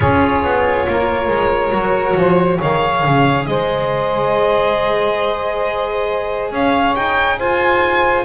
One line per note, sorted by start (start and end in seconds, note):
0.00 0.43 C#4
0.00 1.72 F4
0.00 0.87 G#4
0.00 2.60 C#5
0.43 0.87 B3
0.87 1.28 A#3
0.87 2.19 A#4
1.28 1.71 G#3
1.71 2.14 F#3
1.71 2.58 F#4
2.16 2.60 F3
2.16 2.57 C5
2.57 3.04 D#3
2.57 8.23 G#4
2.57 3.44 C#5
2.57 3.46 F5
3.04 3.47 C#3
3.46 6.51 G#3
3.46 6.52 C5
3.46 6.50 D#5
6.51 6.94 C#4
6.51 7.38 C#5
6.51 6.95 F5
6.95 7.39 D#4
6.95 7.39 G5
7.38 8.25 F4
7.38 8.25 C5
7.38 8.25 G#5